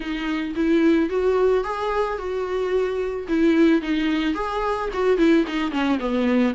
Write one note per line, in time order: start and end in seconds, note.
0.00 0.54 D#4
0.55 1.09 E4
1.09 1.64 F#4
1.64 2.18 G#4
2.18 3.27 F#4
3.28 3.81 E4
3.81 4.34 D#4
4.34 4.89 G#4
4.93 5.17 F#4
5.17 5.44 E4
5.47 5.71 D#4
5.71 5.98 C#4
5.99 6.53 B3